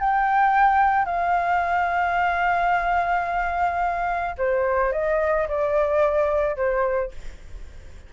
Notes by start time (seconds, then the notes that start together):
0.00 G5
1.05 F5
4.38 C5
4.92 D#5
5.48 D5
6.56 C5